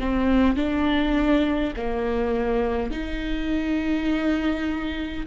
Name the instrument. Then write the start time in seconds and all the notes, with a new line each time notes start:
viola
0.00 C4
0.56 D4
1.76 A#3
2.91 D#4